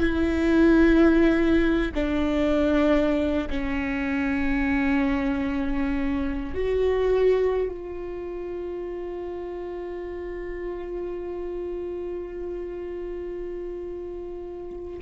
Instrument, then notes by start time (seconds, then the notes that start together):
viola
0.00 E4
1.95 D4
3.50 C#4
6.55 F#4
7.69 F4